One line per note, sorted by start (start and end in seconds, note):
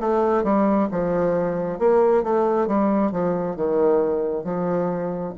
0.00 0.44 A3
0.44 0.88 G3
0.91 1.79 F3
1.79 2.23 A#3
2.23 2.67 A3
2.67 3.11 G3
3.11 3.56 F3
3.56 4.44 D#3
4.44 5.33 F3